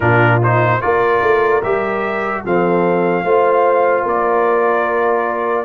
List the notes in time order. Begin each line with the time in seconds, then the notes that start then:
0.00 A#2 D4 F4 A#4
0.42 D#4 C5
0.80 A#3 F4 A#4 D5
1.22 A3
1.62 G3 G4 E5
2.43 F3 C4 A4 F5
3.23 A3 F4 C5
4.03 A#3 A#4 D5